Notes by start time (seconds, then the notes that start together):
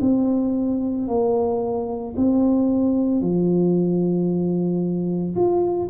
0.00 C4
1.07 A#3
2.16 C4
3.21 F3
5.35 F4